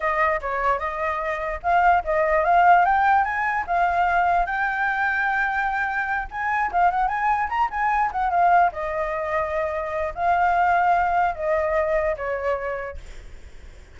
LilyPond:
\new Staff \with { instrumentName = "flute" } { \time 4/4 \tempo 4 = 148 dis''4 cis''4 dis''2 | f''4 dis''4 f''4 g''4 | gis''4 f''2 g''4~ | g''2.~ g''8 gis''8~ |
gis''8 f''8 fis''8 gis''4 ais''8 gis''4 | fis''8 f''4 dis''2~ dis''8~ | dis''4 f''2. | dis''2 cis''2 | }